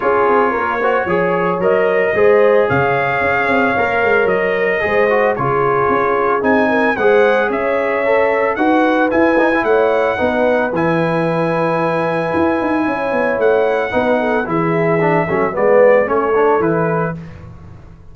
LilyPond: <<
  \new Staff \with { instrumentName = "trumpet" } { \time 4/4 \tempo 4 = 112 cis''2. dis''4~ | dis''4 f''2. | dis''2 cis''2 | gis''4 fis''4 e''2 |
fis''4 gis''4 fis''2 | gis''1~ | gis''4 fis''2 e''4~ | e''4 d''4 cis''4 b'4 | }
  \new Staff \with { instrumentName = "horn" } { \time 4/4 gis'4 ais'8 c''8 cis''2 | c''4 cis''2.~ | cis''4 c''4 gis'2~ | gis'8 ais'8 c''4 cis''2 |
b'2 cis''4 b'4~ | b'1 | cis''2 b'8 a'8 gis'4~ | gis'8 a'8 b'4 a'2 | }
  \new Staff \with { instrumentName = "trombone" } { \time 4/4 f'4. fis'8 gis'4 ais'4 | gis'2. ais'4~ | ais'4 gis'8 fis'8 f'2 | dis'4 gis'2 a'4 |
fis'4 e'8 dis'16 e'4~ e'16 dis'4 | e'1~ | e'2 dis'4 e'4 | d'8 cis'8 b4 cis'8 d'8 e'4 | }
  \new Staff \with { instrumentName = "tuba" } { \time 4/4 cis'8 c'8 ais4 f4 fis4 | gis4 cis4 cis'8 c'8 ais8 gis8 | fis4 gis4 cis4 cis'4 | c'4 gis4 cis'2 |
dis'4 e'4 a4 b4 | e2. e'8 dis'8 | cis'8 b8 a4 b4 e4~ | e8 fis8 gis4 a4 e4 | }
>>